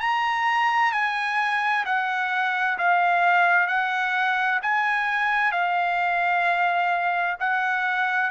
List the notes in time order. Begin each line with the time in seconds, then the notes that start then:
0.00 A#5
0.92 G#5
1.85 F#5
2.78 F5
3.68 F#5
4.62 G#5
5.52 F5
7.40 F#5